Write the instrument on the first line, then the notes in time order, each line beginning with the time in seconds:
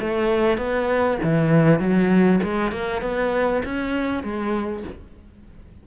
cello
0.00 A3
0.57 B3
1.23 E3
1.79 F#3
2.43 G#3
2.71 A#3
3.02 B3
3.65 C#4
4.23 G#3